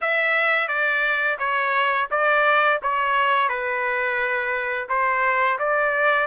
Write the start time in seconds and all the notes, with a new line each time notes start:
0.01 E5
0.68 D5
1.38 C#5
2.10 D5
2.82 C#5
3.48 B4
4.88 C5
5.58 D5